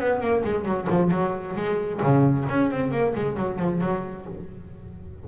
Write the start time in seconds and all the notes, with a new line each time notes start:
0.00 B3
0.21 A#3
0.45 G#3
0.65 F#3
0.90 F3
1.11 F#3
1.57 G#3
2.03 C#3
2.49 C#4
2.71 C4
2.92 A#3
3.15 G#3
3.37 F#3
3.59 F3
3.82 F#3